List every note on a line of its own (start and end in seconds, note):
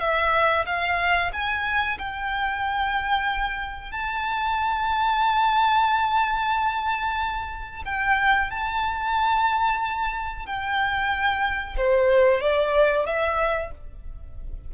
0.00 0.65 E5
0.66 1.31 F5
1.33 1.98 G#5
1.99 3.92 G5
3.92 7.83 A5
7.85 8.50 G5
8.50 10.46 A5
10.46 11.76 G5
11.77 12.41 C5
12.41 13.06 D5
13.06 13.71 E5